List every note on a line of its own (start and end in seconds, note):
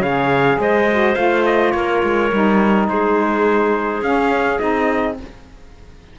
0.00 0.57 C#3
0.00 0.90 G#4
0.00 0.57 C#5
0.00 0.59 F5
0.58 1.15 G#3
0.58 1.74 C5
0.58 1.15 D#5
0.91 1.15 F#4
1.15 1.74 A3
1.15 2.30 F4
1.15 1.44 F5
1.46 1.71 D#5
1.71 2.02 A#3
1.71 2.89 A#4
1.71 2.85 C#5
2.03 2.31 G#3
2.32 2.88 G3
2.32 4.02 D#4
2.88 4.02 G#3
2.88 5.17 G#4
2.88 4.03 C5
4.02 4.59 C#4
4.02 4.59 F5
4.59 5.18 C4
4.59 5.17 D#4
4.59 5.16 D#5